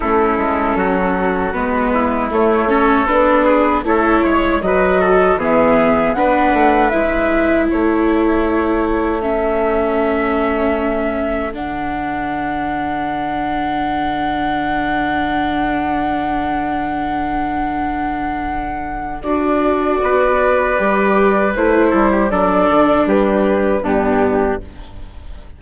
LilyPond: <<
  \new Staff \with { instrumentName = "flute" } { \time 4/4 \tempo 4 = 78 a'2 b'4 cis''4 | b'4 cis''4 dis''4 e''4 | fis''4 e''4 cis''2 | e''2. fis''4~ |
fis''1~ | fis''1~ | fis''4 d''2. | c''4 d''4 b'4 g'4 | }
  \new Staff \with { instrumentName = "trumpet" } { \time 4/4 e'4 fis'4. e'4 a'8~ | a'8 gis'8 a'8 cis''8 b'8 a'8 gis'4 | b'2 a'2~ | a'1~ |
a'1~ | a'1~ | a'2 b'2~ | b'8 a'16 g'16 a'4 g'4 d'4 | }
  \new Staff \with { instrumentName = "viola" } { \time 4/4 cis'2 b4 a8 cis'8 | d'4 e'4 fis'4 b4 | d'4 e'2. | cis'2. d'4~ |
d'1~ | d'1~ | d'4 fis'2 g'4 | e'4 d'2 b4 | }
  \new Staff \with { instrumentName = "bassoon" } { \time 4/4 a8 gis8 fis4 gis4 a4 | b4 a8 gis8 fis4 e4 | b8 a8 gis4 a2~ | a2. d4~ |
d1~ | d1~ | d4 d'4 b4 g4 | a8 g8 fis8 d8 g4 g,4 | }
>>